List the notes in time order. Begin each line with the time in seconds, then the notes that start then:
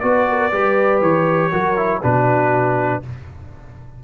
0.00 B3 F#4 B4 D5
0.30 A#4
0.52 G3 G4 B4
1.01 E3 C#5
1.51 F#3 F#4 A#4
1.76 E4
2.02 B2 D4 F#4 B4